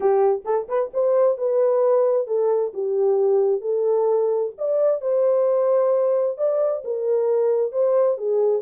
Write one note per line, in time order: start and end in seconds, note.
0.00 0.42 G4
0.44 0.67 A4
0.68 0.91 B4
0.93 1.37 C5
1.37 2.27 B4
2.27 2.72 A4
2.73 3.61 G4
3.61 4.51 A4
4.58 5.01 D5
5.01 6.37 C5
6.37 6.83 D5
6.84 7.72 A#4
7.72 8.17 C5
8.17 8.62 G#4